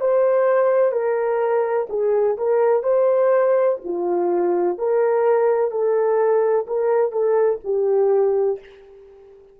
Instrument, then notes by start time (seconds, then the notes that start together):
horn
0.00 C5
0.92 A#4
1.90 G#4
2.38 A#4
2.83 C5
3.84 F4
4.78 A#4
5.71 A4
6.67 A#4
7.12 A4
7.65 G4